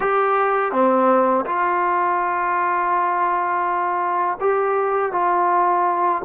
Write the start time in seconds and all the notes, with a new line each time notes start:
0.00 G4
0.72 C4
1.45 F4
4.40 G4
5.12 F4